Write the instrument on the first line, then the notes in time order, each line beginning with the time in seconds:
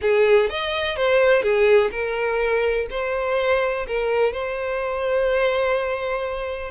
violin
0.01 G#4
0.49 D#5
0.96 C5
1.42 G#4
1.91 A#4
2.90 C5
3.87 A#4
4.32 C5